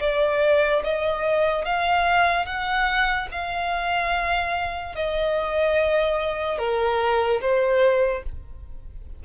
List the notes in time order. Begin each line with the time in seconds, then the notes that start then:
0.00 D5
0.84 D#5
1.65 F5
2.46 F#5
3.31 F5
4.95 D#5
6.58 A#4
7.41 C5